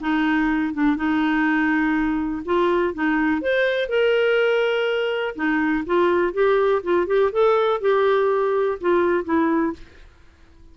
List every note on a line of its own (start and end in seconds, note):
0.00 0.73 D#4
0.73 0.96 D4
0.96 2.42 D#4
2.45 2.94 F4
2.94 3.41 D#4
3.41 3.88 C5
3.88 5.35 A#4
5.35 5.84 D#4
5.85 6.33 F4
6.33 6.82 G4
6.83 7.06 F4
7.06 7.31 G4
7.32 7.80 A4
7.80 8.78 G4
8.80 9.24 F4
9.24 9.72 E4